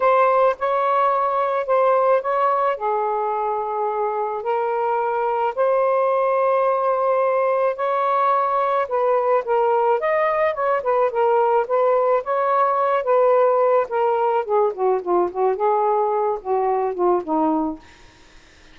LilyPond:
\new Staff \with { instrumentName = "saxophone" } { \time 4/4 \tempo 4 = 108 c''4 cis''2 c''4 | cis''4 gis'2. | ais'2 c''2~ | c''2 cis''2 |
b'4 ais'4 dis''4 cis''8 b'8 | ais'4 b'4 cis''4. b'8~ | b'4 ais'4 gis'8 fis'8 f'8 fis'8 | gis'4. fis'4 f'8 dis'4 | }